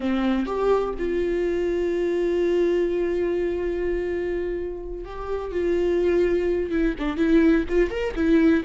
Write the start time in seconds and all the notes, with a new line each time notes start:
0.00 C4
0.46 G4
0.98 F4
5.04 G4
5.51 F4
6.70 E4
6.98 D4
7.16 E4
7.68 F4
7.90 A#4
8.15 E4